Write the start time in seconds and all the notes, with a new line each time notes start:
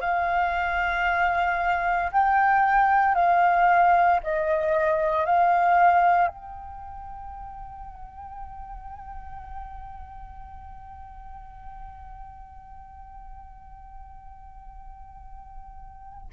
0.00 F5
2.11 G5
3.14 F5
4.23 D#5
5.25 F5
6.27 G5